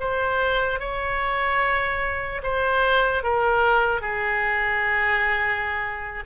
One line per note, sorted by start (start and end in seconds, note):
0.00 0.80 C5
0.80 2.42 C#5
2.43 3.23 C5
3.23 4.01 A#4
4.01 6.24 G#4